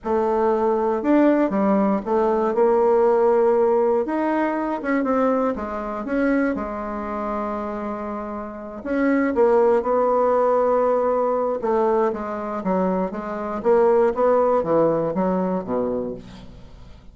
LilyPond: \new Staff \with { instrumentName = "bassoon" } { \time 4/4 \tempo 4 = 119 a2 d'4 g4 | a4 ais2. | dis'4. cis'8 c'4 gis4 | cis'4 gis2.~ |
gis4. cis'4 ais4 b8~ | b2. a4 | gis4 fis4 gis4 ais4 | b4 e4 fis4 b,4 | }